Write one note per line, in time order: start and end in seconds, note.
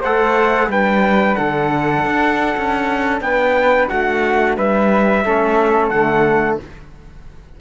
0.00 0.67 A3
0.00 0.71 A4
0.00 0.67 C5
0.00 0.71 F#5
0.67 1.35 G3
0.67 5.26 D4
0.67 1.37 B4
0.67 1.35 G5
1.35 2.05 D3
1.35 3.23 A4
1.35 3.20 F#5
2.05 2.56 D4
2.56 3.21 C#4
3.21 3.88 B3
3.21 3.88 B4
3.21 3.88 G5
3.88 4.57 A3
3.88 4.55 F#4
3.88 4.56 F#5
4.56 5.25 G3
4.56 5.24 B4
4.56 5.89 E5
5.24 5.90 A3
5.24 5.93 C#4
5.24 6.59 A4
5.89 6.58 D3
5.89 6.60 A3
5.89 6.57 F#5